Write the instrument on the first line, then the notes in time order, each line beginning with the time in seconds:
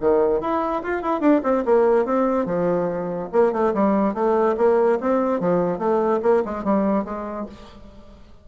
bassoon
0.00 D#3
0.41 E4
0.82 F4
1.02 E4
1.20 D4
1.43 C4
1.65 A#3
2.05 C4
2.45 F3
3.32 A#3
3.52 A3
3.73 G3
4.13 A3
4.57 A#3
5.00 C4
5.40 F3
5.78 A3
6.22 A#3
6.44 G#3
6.64 G3
7.04 G#3